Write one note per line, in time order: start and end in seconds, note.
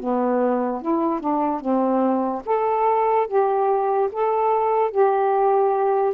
0.00 0.82 B3
0.82 1.20 E4
1.20 1.61 D4
1.61 2.43 C4
2.45 3.28 A4
3.28 4.10 G4
4.12 4.91 A4
4.91 6.14 G4